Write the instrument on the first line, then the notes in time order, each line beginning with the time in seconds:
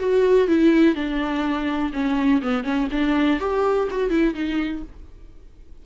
viola
0.00 F#4
0.49 E4
0.96 D4
1.93 C#4
2.42 B3
2.64 C#4
2.92 D4
3.40 G4
3.91 F#4
4.10 E4
4.35 D#4